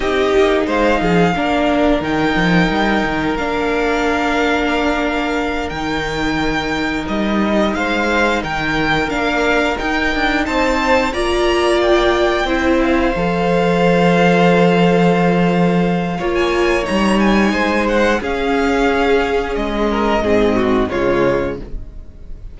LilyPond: <<
  \new Staff \with { instrumentName = "violin" } { \time 4/4 \tempo 4 = 89 dis''4 f''2 g''4~ | g''4 f''2.~ | f''8 g''2 dis''4 f''8~ | f''8 g''4 f''4 g''4 a''8~ |
a''8 ais''4 g''4. f''4~ | f''1~ | f''16 gis''8. ais''8 gis''4 fis''8 f''4~ | f''4 dis''2 cis''4 | }
  \new Staff \with { instrumentName = "violin" } { \time 4/4 g'4 c''8 gis'8 ais'2~ | ais'1~ | ais'2.~ ais'8 c''8~ | c''8 ais'2. c''8~ |
c''8 d''2 c''4.~ | c''1 | cis''2 c''4 gis'4~ | gis'4. ais'8 gis'8 fis'8 f'4 | }
  \new Staff \with { instrumentName = "viola" } { \time 4/4 dis'2 d'4 dis'4~ | dis'4 d'2.~ | d'8 dis'2.~ dis'8~ | dis'4. d'4 dis'4.~ |
dis'8 f'2 e'4 a'8~ | a'1 | f'4 dis'2 cis'4~ | cis'2 c'4 gis4 | }
  \new Staff \with { instrumentName = "cello" } { \time 4/4 c'8 ais8 gis8 f8 ais4 dis8 f8 | g8 dis8 ais2.~ | ais8 dis2 g4 gis8~ | gis8 dis4 ais4 dis'8 d'8 c'8~ |
c'8 ais2 c'4 f8~ | f1 | ais4 g4 gis4 cis'4~ | cis'4 gis4 gis,4 cis4 | }
>>